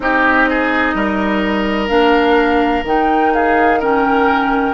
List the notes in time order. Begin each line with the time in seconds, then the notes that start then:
0.00 C4 D#4 G4 D#5
0.49 G#4
0.94 G3 A#4
1.88 A#3 D4 F5
2.83 D#3 D#4 G5
3.34 G#4 F5
3.79 C#4 A#4 G5